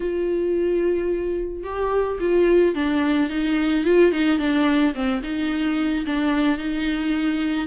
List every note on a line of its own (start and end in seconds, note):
0.00 1.63 F4
1.63 2.18 G4
2.19 2.74 F4
2.74 3.29 D4
3.29 3.84 D#4
3.84 4.12 F4
4.12 4.38 D#4
4.38 4.93 D4
4.94 5.22 C4
5.22 6.05 D#4
6.06 6.58 D4
6.58 7.67 D#4